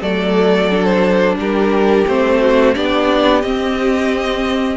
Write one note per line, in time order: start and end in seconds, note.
0.00 1.36 F#3
0.00 0.69 A3
0.00 1.36 A4
0.00 0.84 D5
0.70 2.06 D4
0.84 1.35 C5
1.36 2.04 G3
1.36 2.40 G4
1.36 2.07 A#4
2.07 2.75 A3
2.07 2.74 C4
2.07 2.74 C5
2.40 2.75 F#4
2.74 3.43 B3
2.74 3.42 D4
2.74 4.77 G4
2.74 3.41 D5
3.41 4.77 C4
3.41 4.77 D#5